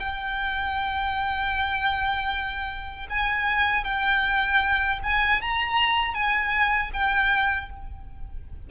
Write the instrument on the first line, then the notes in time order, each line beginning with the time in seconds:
violin
0.00 G5
3.10 G#5
3.85 G5
5.03 G#5
5.42 A#5
6.14 G#5
6.93 G5